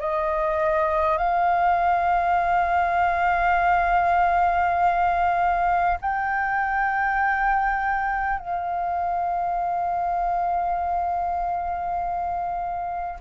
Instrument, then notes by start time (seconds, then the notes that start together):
flute
0.00 D#5
1.18 F5
6.01 G5
8.39 F5